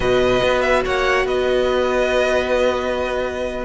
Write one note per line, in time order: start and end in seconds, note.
0.00 0.41 B2
0.00 3.64 F#4
0.00 0.82 B4
0.00 0.61 D#5
0.43 0.85 B3
0.61 0.82 E5
0.84 1.24 A#3
0.84 1.26 C#5
0.84 1.27 F#5
1.24 3.64 B3
1.24 3.64 B4
1.24 3.64 D#5